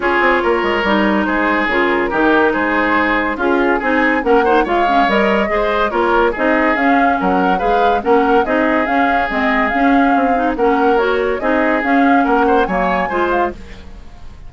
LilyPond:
<<
  \new Staff \with { instrumentName = "flute" } { \time 4/4 \tempo 4 = 142 cis''2. c''4 | ais'2 c''2 | gis'4 gis''4 fis''4 f''4 | dis''2 cis''4 dis''4 |
f''4 fis''4 f''4 fis''4 | dis''4 f''4 dis''4 f''4~ | f''4 fis''4 cis''4 dis''4 | f''4 fis''4 gis''4. f''8 | }
  \new Staff \with { instrumentName = "oboe" } { \time 4/4 gis'4 ais'2 gis'4~ | gis'4 g'4 gis'2 | f'4 gis'4 ais'8 c''8 cis''4~ | cis''4 c''4 ais'4 gis'4~ |
gis'4 ais'4 b'4 ais'4 | gis'1~ | gis'4 ais'2 gis'4~ | gis'4 ais'8 c''8 cis''4 c''4 | }
  \new Staff \with { instrumentName = "clarinet" } { \time 4/4 f'2 dis'2 | f'4 dis'2. | f'4 dis'4 cis'8 dis'8 f'8 cis'8 | ais'4 gis'4 f'4 dis'4 |
cis'2 gis'4 cis'4 | dis'4 cis'4 c'4 cis'4~ | cis'8 dis'8 cis'4 fis'4 dis'4 | cis'2 ais4 f'4 | }
  \new Staff \with { instrumentName = "bassoon" } { \time 4/4 cis'8 c'8 ais8 gis8 g4 gis4 | cis4 dis4 gis2 | cis'4 c'4 ais4 gis4 | g4 gis4 ais4 c'4 |
cis'4 fis4 gis4 ais4 | c'4 cis'4 gis4 cis'4 | c'4 ais2 c'4 | cis'4 ais4 fis4 gis4 | }
>>